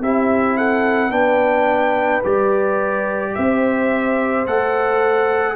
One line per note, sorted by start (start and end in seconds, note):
0.00 1.10 C4
0.00 1.10 E4
0.00 0.57 G4
0.00 0.57 E5
0.57 1.08 A4
0.57 1.11 F#5
1.08 2.21 B3
1.08 2.21 D4
1.08 3.31 B4
1.08 2.22 G5
2.24 3.35 G3
2.24 4.46 G4
2.24 3.34 D5
3.34 4.46 C4
3.34 5.55 C5
3.34 4.46 E5
4.46 5.55 A3
4.46 5.55 A4
4.46 5.55 F#5